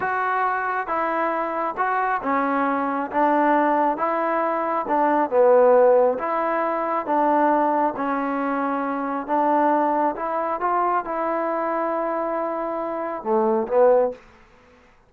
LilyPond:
\new Staff \with { instrumentName = "trombone" } { \time 4/4 \tempo 4 = 136 fis'2 e'2 | fis'4 cis'2 d'4~ | d'4 e'2 d'4 | b2 e'2 |
d'2 cis'2~ | cis'4 d'2 e'4 | f'4 e'2.~ | e'2 a4 b4 | }